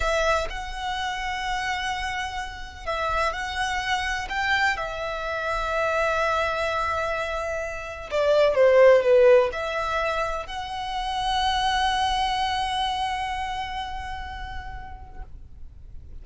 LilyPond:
\new Staff \with { instrumentName = "violin" } { \time 4/4 \tempo 4 = 126 e''4 fis''2.~ | fis''2 e''4 fis''4~ | fis''4 g''4 e''2~ | e''1~ |
e''4 d''4 c''4 b'4 | e''2 fis''2~ | fis''1~ | fis''1 | }